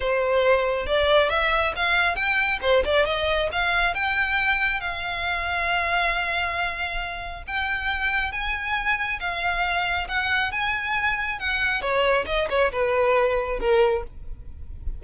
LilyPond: \new Staff \with { instrumentName = "violin" } { \time 4/4 \tempo 4 = 137 c''2 d''4 e''4 | f''4 g''4 c''8 d''8 dis''4 | f''4 g''2 f''4~ | f''1~ |
f''4 g''2 gis''4~ | gis''4 f''2 fis''4 | gis''2 fis''4 cis''4 | dis''8 cis''8 b'2 ais'4 | }